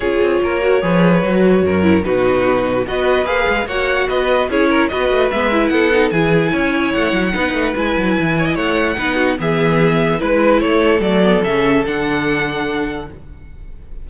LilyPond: <<
  \new Staff \with { instrumentName = "violin" } { \time 4/4 \tempo 4 = 147 cis''1~ | cis''4 b'2 dis''4 | f''4 fis''4 dis''4 cis''4 | dis''4 e''4 fis''4 gis''4~ |
gis''4 fis''2 gis''4~ | gis''4 fis''2 e''4~ | e''4 b'4 cis''4 d''4 | e''4 fis''2. | }
  \new Staff \with { instrumentName = "violin" } { \time 4/4 gis'4 ais'4 b'2 | ais'4 fis'2 b'4~ | b'4 cis''4 b'4 gis'8 ais'8 | b'2 a'4 gis'4 |
cis''2 b'2~ | b'8 cis''16 dis''16 cis''4 b'8 fis'8 gis'4~ | gis'4 b'4 a'2~ | a'1 | }
  \new Staff \with { instrumentName = "viola" } { \time 4/4 f'4. fis'8 gis'4 fis'4~ | fis'8 e'8 dis'2 fis'4 | gis'4 fis'2 e'4 | fis'4 b8 e'4 dis'8 e'4~ |
e'2 dis'4 e'4~ | e'2 dis'4 b4~ | b4 e'2 a8 b8 | cis'4 d'2. | }
  \new Staff \with { instrumentName = "cello" } { \time 4/4 cis'8 c'8 ais4 f4 fis4 | fis,4 b,2 b4 | ais8 gis8 ais4 b4 cis'4 | b8 a8 gis4 b4 e4 |
cis'4 a8 fis8 b8 a8 gis8 fis8 | e4 a4 b4 e4~ | e4 gis4 a4 fis4 | cis4 d2. | }
>>